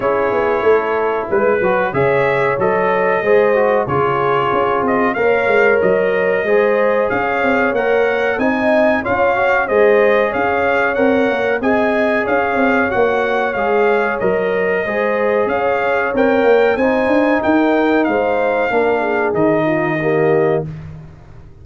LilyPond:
<<
  \new Staff \with { instrumentName = "trumpet" } { \time 4/4 \tempo 4 = 93 cis''2 b'4 e''4 | dis''2 cis''4. dis''8 | f''4 dis''2 f''4 | fis''4 gis''4 f''4 dis''4 |
f''4 fis''4 gis''4 f''4 | fis''4 f''4 dis''2 | f''4 g''4 gis''4 g''4 | f''2 dis''2 | }
  \new Staff \with { instrumentName = "horn" } { \time 4/4 gis'4 a'4 b'4 cis''4~ | cis''4 c''4 gis'2 | cis''2 c''4 cis''4~ | cis''4 dis''4 cis''4 c''4 |
cis''2 dis''4 cis''4~ | cis''2. c''4 | cis''2 c''4 ais'4 | c''4 ais'8 gis'4 f'8 g'4 | }
  \new Staff \with { instrumentName = "trombone" } { \time 4/4 e'2~ e'8 fis'8 gis'4 | a'4 gis'8 fis'8 f'2 | ais'2 gis'2 | ais'4 dis'4 f'8 fis'8 gis'4~ |
gis'4 ais'4 gis'2 | fis'4 gis'4 ais'4 gis'4~ | gis'4 ais'4 dis'2~ | dis'4 d'4 dis'4 ais4 | }
  \new Staff \with { instrumentName = "tuba" } { \time 4/4 cis'8 b8 a4 gis8 fis8 cis4 | fis4 gis4 cis4 cis'8 c'8 | ais8 gis8 fis4 gis4 cis'8 c'8 | ais4 c'4 cis'4 gis4 |
cis'4 c'8 ais8 c'4 cis'8 c'8 | ais4 gis4 fis4 gis4 | cis'4 c'8 ais8 c'8 d'8 dis'4 | gis4 ais4 dis2 | }
>>